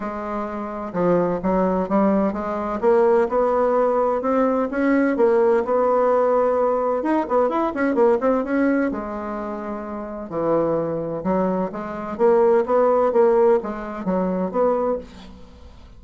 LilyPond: \new Staff \with { instrumentName = "bassoon" } { \time 4/4 \tempo 4 = 128 gis2 f4 fis4 | g4 gis4 ais4 b4~ | b4 c'4 cis'4 ais4 | b2. dis'8 b8 |
e'8 cis'8 ais8 c'8 cis'4 gis4~ | gis2 e2 | fis4 gis4 ais4 b4 | ais4 gis4 fis4 b4 | }